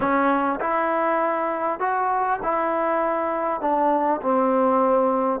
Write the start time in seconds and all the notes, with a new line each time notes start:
0.00 C#4
0.60 E4
1.79 F#4
2.42 E4
3.61 D4
4.21 C4